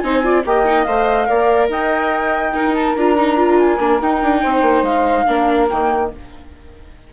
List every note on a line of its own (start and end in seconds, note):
0.00 0.45 C4
0.00 0.23 D#4
0.00 0.24 C5
0.00 0.42 G#5
0.23 0.44 F4
0.23 0.45 D5
0.45 0.86 A#3
0.45 0.65 G4
0.45 1.28 D#5
0.45 0.84 G5
0.65 0.86 D#4
0.84 1.28 A3
0.84 1.26 C5
0.84 1.68 F5
1.26 1.69 A#3
1.26 2.52 A#4
1.26 1.70 D5
1.69 2.95 D#4
1.69 2.53 D#5
1.69 2.74 G5
2.53 2.96 D#4
2.53 4.42 A#4
2.74 2.95 A5
2.96 3.79 D4
2.96 3.17 F4
2.96 3.59 A#5
3.17 3.37 D#4
3.37 3.78 F4
3.59 4.01 G#5
3.79 4.00 A#3
3.79 4.01 D4
4.01 4.22 D#4
4.01 5.27 D#4
4.01 4.84 G5
4.23 4.44 D4
4.42 4.62 C4
4.42 5.26 C5
4.62 4.82 A#3
4.82 5.24 G#3
4.82 5.68 F5
5.26 5.70 A#3
5.26 5.69 D4
5.26 6.10 A#4
5.69 6.13 D#3
5.69 6.13 A#3
5.69 6.11 G5